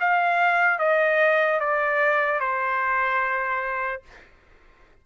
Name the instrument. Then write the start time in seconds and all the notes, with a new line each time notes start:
trumpet
0.00 F5
0.79 D#5
1.60 D5
2.40 C5